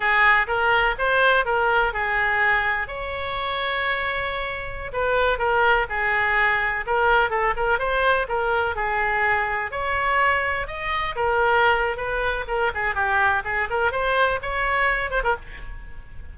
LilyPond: \new Staff \with { instrumentName = "oboe" } { \time 4/4 \tempo 4 = 125 gis'4 ais'4 c''4 ais'4 | gis'2 cis''2~ | cis''2~ cis''16 b'4 ais'8.~ | ais'16 gis'2 ais'4 a'8 ais'16~ |
ais'16 c''4 ais'4 gis'4.~ gis'16~ | gis'16 cis''2 dis''4 ais'8.~ | ais'4 b'4 ais'8 gis'8 g'4 | gis'8 ais'8 c''4 cis''4. c''16 ais'16 | }